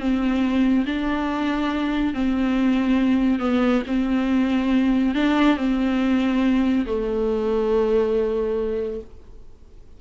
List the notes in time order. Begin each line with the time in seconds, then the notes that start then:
0.00 C4
0.86 D4
2.14 C4
3.40 B3
3.87 C4
5.15 D4
5.57 C4
6.86 A3